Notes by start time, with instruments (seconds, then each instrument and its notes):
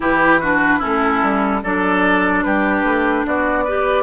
0.00 bassoon E3, clarinet E4, oboe G4, flute B4
0.40 clarinet D4, oboe F#4
0.78 bassoon A3, clarinet C#4, oboe E4, flute A4
1.22 bassoon G3
1.63 bassoon F#3, clarinet D4, oboe A4, flute D5
2.43 bassoon G3, oboe G4, flute B4
2.83 bassoon A3
3.26 bassoon B3, oboe F#4, flute D5
3.64 clarinet G4, oboe B4